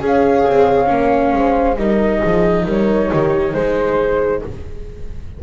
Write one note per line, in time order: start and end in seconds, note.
0.00 0.46 C#4
0.00 0.86 G#4
0.00 1.34 C#5
0.06 1.77 F5
0.46 0.90 C4
0.86 1.33 A#3
0.86 1.75 C#4
1.33 1.76 G#3
1.33 1.78 C5
1.76 2.20 G3
1.76 4.43 D#4
1.76 2.19 A#4
1.76 2.65 D#5
2.19 2.63 G#4
2.25 2.66 F3
2.65 3.10 G3
2.65 3.09 A#4
2.65 3.54 C#5
3.12 3.54 D#3
3.12 3.54 G4
3.54 4.42 G#3
3.54 4.42 G#4
3.54 4.42 C5